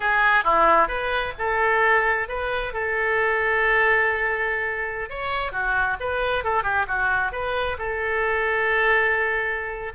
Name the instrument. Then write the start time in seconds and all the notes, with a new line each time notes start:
oboe
0.00 G#4
0.44 E4
0.88 B4
1.38 A4
2.28 B4
2.73 A4
5.09 C#5
5.51 F#4
6.00 B4
6.44 A4
6.63 G4
6.87 F#4
7.32 B4
7.78 A4